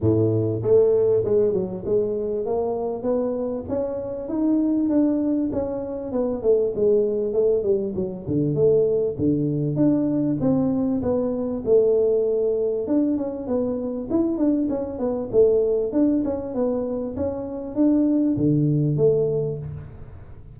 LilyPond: \new Staff \with { instrumentName = "tuba" } { \time 4/4 \tempo 4 = 98 a,4 a4 gis8 fis8 gis4 | ais4 b4 cis'4 dis'4 | d'4 cis'4 b8 a8 gis4 | a8 g8 fis8 d8 a4 d4 |
d'4 c'4 b4 a4~ | a4 d'8 cis'8 b4 e'8 d'8 | cis'8 b8 a4 d'8 cis'8 b4 | cis'4 d'4 d4 a4 | }